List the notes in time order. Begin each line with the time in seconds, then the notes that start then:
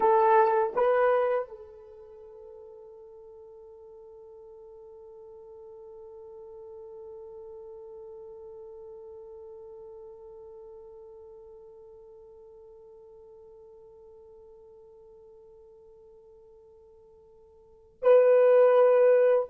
0.00 A4
0.75 B4
1.48 A4
18.02 B4